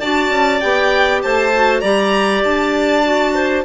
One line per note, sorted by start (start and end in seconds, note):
0.00 0.30 D4
0.00 0.62 F#4
0.00 1.21 D5
0.00 0.61 A5
0.30 0.60 C#4
0.61 1.24 B3
0.61 1.53 G4
0.61 1.22 G5
1.23 1.83 A3
1.23 1.82 C5
1.23 1.81 A5
1.55 1.84 F#4
1.81 2.43 G3
1.81 3.04 G4
1.81 3.33 D5
1.81 2.42 A#5
2.44 3.65 D4
2.44 3.65 A5
3.04 3.65 F#4
3.35 3.65 C5